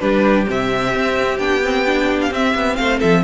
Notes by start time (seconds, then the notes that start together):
0.00 G3 D4 G4 B4
0.46 C3 C4 E5
0.95 C4
1.39 B3 D4 G5
1.63 C4
1.86 D4
2.22 F5
2.31 C4 E5
2.55 B3
2.76 A3 C5 F5
2.98 F3 A4 E5